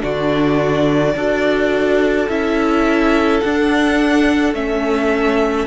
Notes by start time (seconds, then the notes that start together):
0.00 D3 D4 F#4 D5
1.15 D4 F#4 A4
2.29 C#4 E4 E5
3.40 D4 F#5
4.54 A3 C#4 E5